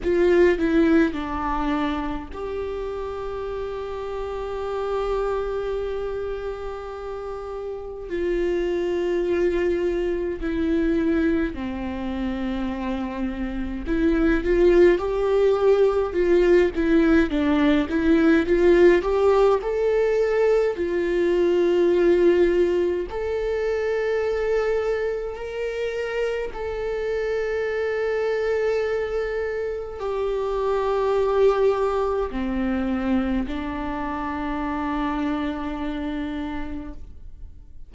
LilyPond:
\new Staff \with { instrumentName = "viola" } { \time 4/4 \tempo 4 = 52 f'8 e'8 d'4 g'2~ | g'2. f'4~ | f'4 e'4 c'2 | e'8 f'8 g'4 f'8 e'8 d'8 e'8 |
f'8 g'8 a'4 f'2 | a'2 ais'4 a'4~ | a'2 g'2 | c'4 d'2. | }